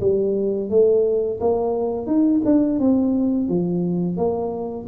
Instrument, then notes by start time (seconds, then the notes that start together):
tuba
0.00 G3
0.69 A3
1.40 A#3
2.06 D#4
2.45 D4
2.79 C4
3.48 F3
4.17 A#3